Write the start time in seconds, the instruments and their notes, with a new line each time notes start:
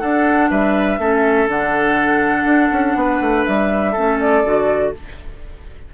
0.00 bassoon D4, clarinet D4, oboe A4, flute F#5
0.50 bassoon G3, oboe B4, flute E5
0.98 bassoon A3, clarinet C#4, oboe A4
1.47 bassoon D3, clarinet D4, flute F#5
2.45 bassoon D4
2.72 bassoon C#4
2.95 bassoon B3, oboe B4
3.21 bassoon A3
3.45 bassoon G3, flute E5
3.92 bassoon A3, clarinet C#4, oboe A4
4.20 flute D5
4.44 bassoon D3, clarinet F#4